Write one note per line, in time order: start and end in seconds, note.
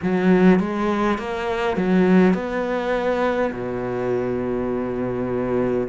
0.02 0.59 F#3
0.59 1.18 G#3
1.18 1.76 A#3
1.76 2.34 F#3
2.34 3.51 B3
3.52 5.87 B2